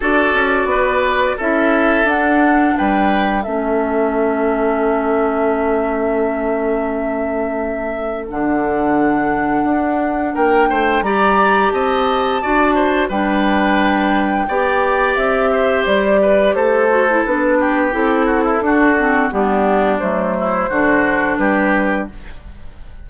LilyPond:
<<
  \new Staff \with { instrumentName = "flute" } { \time 4/4 \tempo 4 = 87 d''2 e''4 fis''4 | g''4 e''2.~ | e''1 | fis''2. g''4 |
ais''4 a''2 g''4~ | g''2 e''4 d''4 | c''4 b'4 a'2 | g'4 c''2 b'4 | }
  \new Staff \with { instrumentName = "oboe" } { \time 4/4 a'4 b'4 a'2 | b'4 a'2.~ | a'1~ | a'2. ais'8 c''8 |
d''4 dis''4 d''8 c''8 b'4~ | b'4 d''4. c''4 b'8 | a'4. g'4 fis'16 e'16 fis'4 | d'4. e'8 fis'4 g'4 | }
  \new Staff \with { instrumentName = "clarinet" } { \time 4/4 fis'2 e'4 d'4~ | d'4 cis'2.~ | cis'1 | d'1 |
g'2 fis'4 d'4~ | d'4 g'2.~ | g'8 fis'16 e'16 d'4 e'4 d'8 c'8 | b4 a4 d'2 | }
  \new Staff \with { instrumentName = "bassoon" } { \time 4/4 d'8 cis'8 b4 cis'4 d'4 | g4 a2.~ | a1 | d2 d'4 ais8 a8 |
g4 c'4 d'4 g4~ | g4 b4 c'4 g4 | a4 b4 c'4 d'4 | g4 fis4 d4 g4 | }
>>